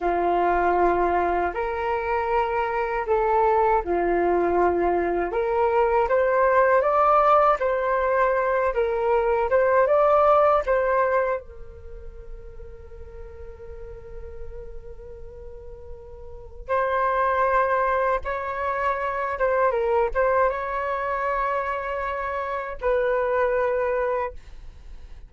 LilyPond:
\new Staff \with { instrumentName = "flute" } { \time 4/4 \tempo 4 = 79 f'2 ais'2 | a'4 f'2 ais'4 | c''4 d''4 c''4. ais'8~ | ais'8 c''8 d''4 c''4 ais'4~ |
ais'1~ | ais'2 c''2 | cis''4. c''8 ais'8 c''8 cis''4~ | cis''2 b'2 | }